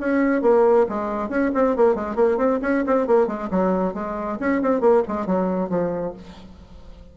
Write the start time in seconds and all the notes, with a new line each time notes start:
0.00 C#4
0.42 A#3
0.89 G#3
1.29 C#4
1.54 C4
1.76 A#3
1.95 G#3
2.15 A#3
2.37 C4
2.62 C#4
2.87 C4
3.07 A#3
3.27 G#3
3.51 F#3
3.94 G#3
4.40 C#4
4.62 C4
4.81 A#3
5.08 G#3
5.26 F#3
5.70 F3